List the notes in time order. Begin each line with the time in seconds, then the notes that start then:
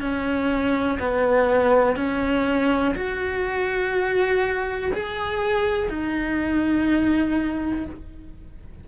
0.00 C#4
0.99 B3
1.96 C#4
2.95 F#4
4.93 G#4
5.89 D#4